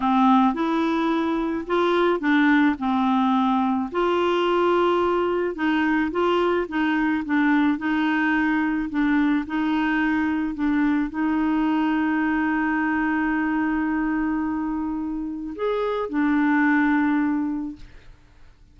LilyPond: \new Staff \with { instrumentName = "clarinet" } { \time 4/4 \tempo 4 = 108 c'4 e'2 f'4 | d'4 c'2 f'4~ | f'2 dis'4 f'4 | dis'4 d'4 dis'2 |
d'4 dis'2 d'4 | dis'1~ | dis'1 | gis'4 d'2. | }